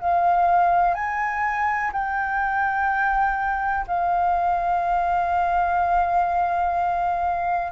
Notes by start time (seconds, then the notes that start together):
0.00 F5
0.95 G#5
1.93 G5
3.88 F5